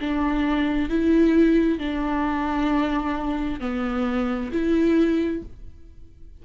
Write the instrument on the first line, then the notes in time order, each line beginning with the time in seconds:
viola
0.00 D4
0.89 E4
1.79 D4
3.60 B3
4.52 E4